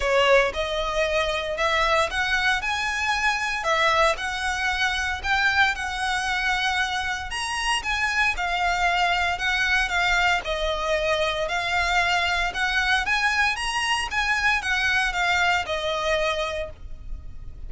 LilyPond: \new Staff \with { instrumentName = "violin" } { \time 4/4 \tempo 4 = 115 cis''4 dis''2 e''4 | fis''4 gis''2 e''4 | fis''2 g''4 fis''4~ | fis''2 ais''4 gis''4 |
f''2 fis''4 f''4 | dis''2 f''2 | fis''4 gis''4 ais''4 gis''4 | fis''4 f''4 dis''2 | }